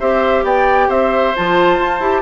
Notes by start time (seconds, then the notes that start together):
0.00 C4 G4 C5 E5
0.44 B3 D5 G5
0.89 C4 C5 E5
1.36 F3 F4 A5
1.79 F4
2.00 E4 G4